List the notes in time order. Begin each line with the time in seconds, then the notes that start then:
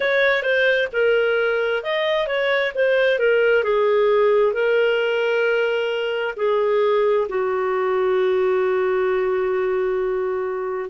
0.00 C#5
0.42 C5
0.92 A#4
1.83 D#5
2.27 C#5
2.74 C5
3.19 A#4
3.63 G#4
4.52 A#4
6.36 G#4
7.29 F#4